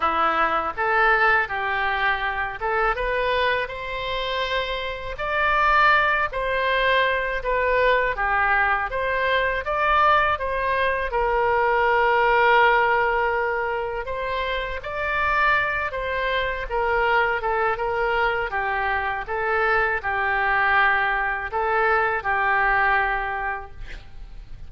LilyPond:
\new Staff \with { instrumentName = "oboe" } { \time 4/4 \tempo 4 = 81 e'4 a'4 g'4. a'8 | b'4 c''2 d''4~ | d''8 c''4. b'4 g'4 | c''4 d''4 c''4 ais'4~ |
ais'2. c''4 | d''4. c''4 ais'4 a'8 | ais'4 g'4 a'4 g'4~ | g'4 a'4 g'2 | }